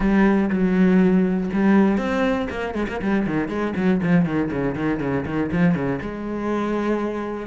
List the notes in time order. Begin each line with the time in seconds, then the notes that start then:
0.00 G3
0.50 F#3
1.53 G3
1.97 C4
2.50 A#3
2.74 G#3
2.88 A#3
3.01 G3
3.26 D#3
3.48 G#3
3.75 F#3
4.02 F3
4.25 D#3
4.51 C#3
4.75 D#3
5.00 C#3
5.25 D#3
5.52 F3
5.74 C#3
6.01 G#3